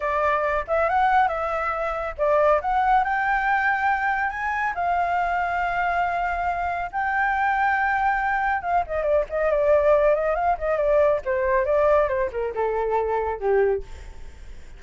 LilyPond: \new Staff \with { instrumentName = "flute" } { \time 4/4 \tempo 4 = 139 d''4. e''8 fis''4 e''4~ | e''4 d''4 fis''4 g''4~ | g''2 gis''4 f''4~ | f''1 |
g''1 | f''8 dis''8 d''8 dis''8 d''4. dis''8 | f''8 dis''8 d''4 c''4 d''4 | c''8 ais'8 a'2 g'4 | }